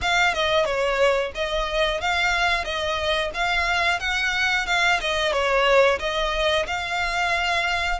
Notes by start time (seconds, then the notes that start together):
0.01 F5
0.34 D#5
0.65 C#5
1.35 D#5
2.00 F5
2.64 D#5
3.34 F5
3.99 F#5
4.66 F5
5.00 D#5
5.32 C#5
5.99 D#5
6.66 F5